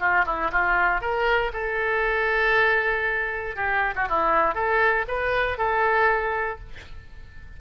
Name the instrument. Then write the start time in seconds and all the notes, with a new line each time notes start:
oboe
0.00 F4
0.26 E4
0.52 F4
1.01 A#4
1.53 A4
3.56 G4
3.96 F#4
4.09 E4
4.55 A4
5.08 B4
5.58 A4